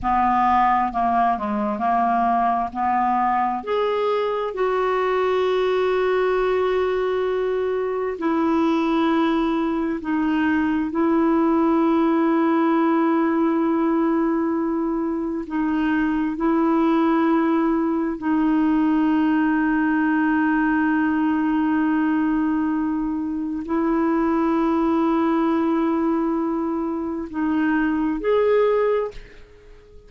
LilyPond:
\new Staff \with { instrumentName = "clarinet" } { \time 4/4 \tempo 4 = 66 b4 ais8 gis8 ais4 b4 | gis'4 fis'2.~ | fis'4 e'2 dis'4 | e'1~ |
e'4 dis'4 e'2 | dis'1~ | dis'2 e'2~ | e'2 dis'4 gis'4 | }